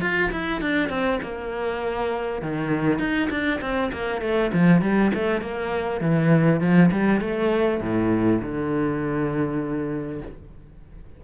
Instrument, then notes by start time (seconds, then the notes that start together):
cello
0.00 F4
0.31 E4
0.61 D4
0.89 C4
1.22 A#3
2.42 D#3
2.99 D#4
3.30 D4
3.61 C4
3.92 A#3
4.21 A3
4.53 F3
4.81 G3
5.14 A3
5.41 A#3
6.01 E3
6.60 F3
6.91 G3
7.20 A3
7.81 A2
8.41 D3